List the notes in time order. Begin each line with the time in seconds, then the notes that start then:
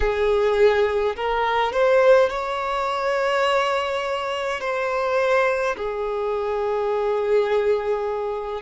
0.00 G#4
1.15 A#4
1.72 C5
2.29 C#5
4.60 C5
5.76 G#4